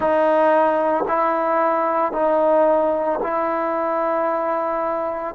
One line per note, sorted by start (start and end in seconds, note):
0.00 1.04 D#4
1.08 2.12 E4
2.12 3.19 D#4
3.22 5.34 E4